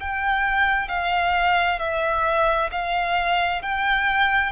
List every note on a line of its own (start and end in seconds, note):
0.00 0.89 G5
0.89 1.79 F5
1.79 2.70 E5
2.71 3.62 F5
3.62 4.52 G5